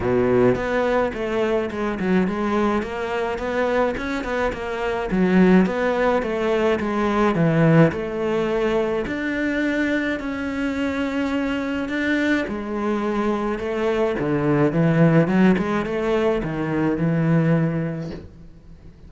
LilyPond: \new Staff \with { instrumentName = "cello" } { \time 4/4 \tempo 4 = 106 b,4 b4 a4 gis8 fis8 | gis4 ais4 b4 cis'8 b8 | ais4 fis4 b4 a4 | gis4 e4 a2 |
d'2 cis'2~ | cis'4 d'4 gis2 | a4 d4 e4 fis8 gis8 | a4 dis4 e2 | }